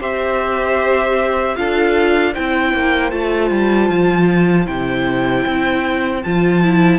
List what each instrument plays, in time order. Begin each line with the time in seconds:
0.00 cello C4, viola G4, violin C5 E5
1.56 cello D4, viola F4, violin A4 F5
2.33 cello C4, viola E4, violin C5 G5
2.73 cello A#3
3.10 cello A3, viola F4, violin A5
3.50 cello G3
3.89 cello F3
4.65 cello C3, viola E4, violin G5
5.46 cello C4
6.23 cello F3, viola F4, violin A5
6.63 viola E4